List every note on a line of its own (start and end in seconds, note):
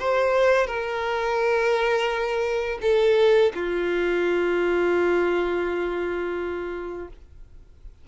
0.00 0.67 C5
0.67 2.79 A#4
2.82 3.53 A4
3.55 7.08 F4